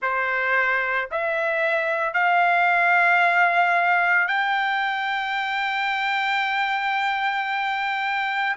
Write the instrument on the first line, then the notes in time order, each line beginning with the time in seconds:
trumpet
0.02 C5
1.11 E5
2.13 F5
4.27 G5